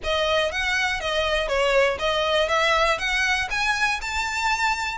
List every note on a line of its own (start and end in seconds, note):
0.03 0.51 D#5
0.51 1.00 F#5
1.00 1.48 D#5
1.48 1.98 C#5
1.98 2.48 D#5
2.48 2.98 E5
2.98 3.48 F#5
3.50 4.00 G#5
4.01 4.98 A5